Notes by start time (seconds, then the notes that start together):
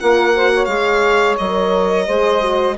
0.00 A#3 F4 A#4 F#5
0.34 F#4 C5
0.54 C#5
0.65 G#3 G#4 F5
1.38 F#3 A#4 D#5
2.06 G#3 G#4 C5
2.41 F#4